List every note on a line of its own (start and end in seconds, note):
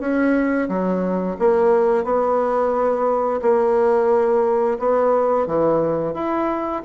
0.00 0.68 C#4
0.69 1.37 F#3
1.39 2.05 A#3
2.05 3.41 B3
3.42 4.79 A#3
4.79 5.47 B3
5.47 6.14 E3
6.14 6.82 E4